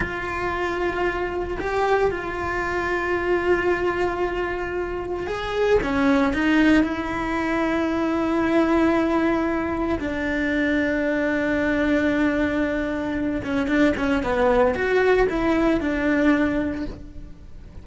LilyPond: \new Staff \with { instrumentName = "cello" } { \time 4/4 \tempo 4 = 114 f'2. g'4 | f'1~ | f'2 gis'4 cis'4 | dis'4 e'2.~ |
e'2. d'4~ | d'1~ | d'4. cis'8 d'8 cis'8 b4 | fis'4 e'4 d'2 | }